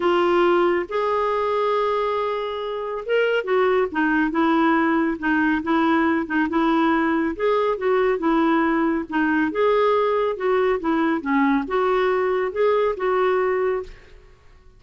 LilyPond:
\new Staff \with { instrumentName = "clarinet" } { \time 4/4 \tempo 4 = 139 f'2 gis'2~ | gis'2. ais'4 | fis'4 dis'4 e'2 | dis'4 e'4. dis'8 e'4~ |
e'4 gis'4 fis'4 e'4~ | e'4 dis'4 gis'2 | fis'4 e'4 cis'4 fis'4~ | fis'4 gis'4 fis'2 | }